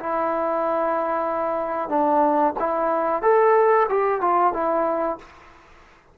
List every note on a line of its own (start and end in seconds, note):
0.00 1.89 E4
1.89 2.54 D4
2.60 3.23 E4
3.23 3.87 A4
3.89 4.21 G4
4.21 4.53 F4
4.54 5.18 E4